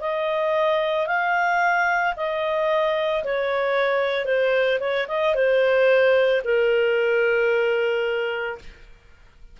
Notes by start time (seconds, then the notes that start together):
0.00 D#5
1.07 F5
2.16 D#5
3.24 C#5
4.25 C5
4.80 C#5
5.08 D#5
5.34 C5
6.44 A#4